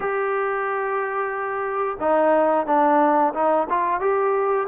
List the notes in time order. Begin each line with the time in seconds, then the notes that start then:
0.00 G4
2.00 D#4
2.66 D4
3.34 D#4
3.69 F4
4.00 G4